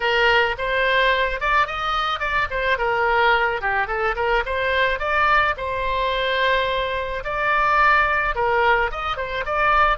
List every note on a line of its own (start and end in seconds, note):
0.00 0.56 A#4
0.58 1.40 C5
1.40 1.66 D5
1.66 2.19 D#5
2.19 2.47 D5
2.50 2.78 C5
2.78 3.61 A#4
3.61 3.87 G4
3.87 4.15 A4
4.15 4.43 A#4
4.45 4.99 C5
4.99 5.55 D5
5.57 7.23 C5
7.24 8.35 D5
8.35 8.90 A#4
8.91 9.16 D#5
9.16 9.44 C5
9.45 9.97 D5